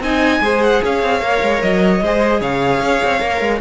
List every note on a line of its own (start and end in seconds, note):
0.00 0.40 C4
0.00 0.42 D#4
0.00 0.42 D#5
0.00 0.63 G#5
0.41 0.81 G#3
0.41 1.21 G#4
0.41 0.83 C5
0.63 0.83 F#5
0.83 1.02 C#4
0.83 2.03 C#5
0.83 1.62 F5
1.02 1.22 C4
1.21 1.42 A#3
1.21 2.01 A#4
1.42 1.62 G#3
1.62 2.01 F#3
1.62 2.42 D#5
2.01 2.41 G#3
2.01 3.20 G#4
2.01 2.40 C5
2.40 2.81 C#3
2.40 3.60 C#5
2.40 3.61 F5
2.81 3.01 C#4
3.04 3.22 C4
3.20 3.41 A#3
3.20 3.60 A#4
3.41 3.61 G#3